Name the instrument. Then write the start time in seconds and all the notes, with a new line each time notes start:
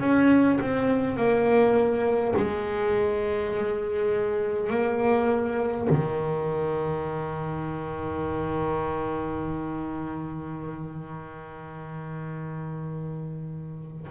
double bass
0.00 C#4
0.61 C4
1.17 A#3
2.37 G#3
4.71 A#3
5.90 D#3